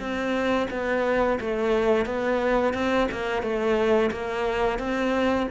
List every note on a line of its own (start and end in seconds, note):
0.00 0.68 C4
0.71 1.39 B3
1.41 2.06 A3
2.06 2.74 B3
2.74 3.08 C4
3.12 3.42 A#3
3.42 4.11 A3
4.12 4.79 A#3
4.79 5.47 C4